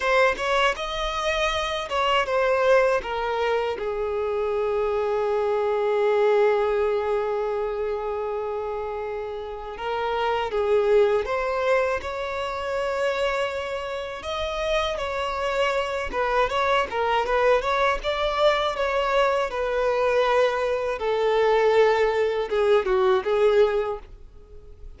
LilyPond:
\new Staff \with { instrumentName = "violin" } { \time 4/4 \tempo 4 = 80 c''8 cis''8 dis''4. cis''8 c''4 | ais'4 gis'2.~ | gis'1~ | gis'4 ais'4 gis'4 c''4 |
cis''2. dis''4 | cis''4. b'8 cis''8 ais'8 b'8 cis''8 | d''4 cis''4 b'2 | a'2 gis'8 fis'8 gis'4 | }